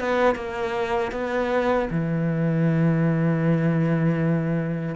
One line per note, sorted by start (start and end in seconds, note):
0.00 0.35 B3
0.35 1.12 A#3
1.12 1.89 B3
1.91 4.96 E3